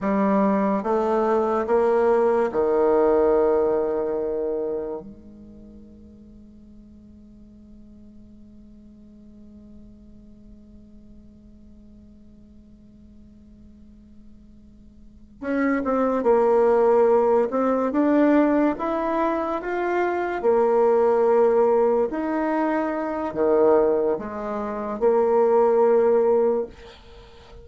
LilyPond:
\new Staff \with { instrumentName = "bassoon" } { \time 4/4 \tempo 4 = 72 g4 a4 ais4 dis4~ | dis2 gis2~ | gis1~ | gis1~ |
gis2~ gis8 cis'8 c'8 ais8~ | ais4 c'8 d'4 e'4 f'8~ | f'8 ais2 dis'4. | dis4 gis4 ais2 | }